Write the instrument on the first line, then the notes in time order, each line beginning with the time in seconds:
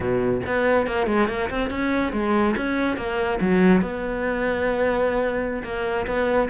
cello
0.00 B2
0.46 B3
0.86 A#3
1.07 G#3
1.28 A#3
1.50 C4
1.70 C#4
2.12 G#3
2.56 C#4
2.96 A#3
3.40 F#3
3.81 B3
5.63 A#3
6.06 B3